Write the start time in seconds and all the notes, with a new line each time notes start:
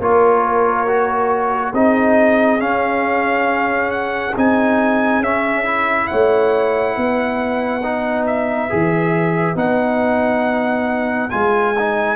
0.00 A#3 F4 A#4 C#5
0.87 F#4
1.74 C4 D#4 G#4 D#5
2.59 C#4 F5
3.91 F#5
4.37 C4 D#4 G#5
5.20 C#4 E5
5.65 E4
6.08 A3 C#5 F#5
6.97 B3 B4
7.84 D#4
8.27 E5
8.70 E3 G#4
9.56 B3 D#4 F#5
11.31 G#3 F4 G#5
11.79 D#4